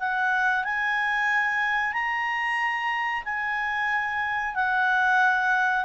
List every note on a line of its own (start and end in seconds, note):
0.00 0.65 F#5
0.65 1.94 G#5
1.94 3.24 A#5
3.25 4.55 G#5
4.55 5.86 F#5